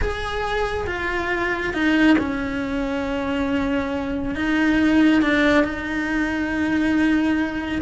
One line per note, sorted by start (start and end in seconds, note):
0.01 0.86 G#4
0.86 1.73 F4
1.73 2.16 D#4
2.18 4.35 C#4
4.35 5.22 D#4
5.22 5.64 D4
5.64 7.81 D#4